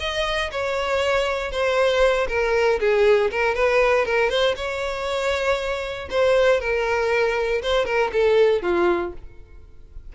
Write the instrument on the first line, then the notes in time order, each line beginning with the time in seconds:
violin
0.00 D#5
0.52 C#5
1.51 C5
2.28 A#4
2.80 G#4
3.31 A#4
3.55 B4
4.05 A#4
4.30 C5
4.56 C#5
6.10 C5
6.60 A#4
7.62 C5
7.85 A#4
8.13 A4
8.62 F4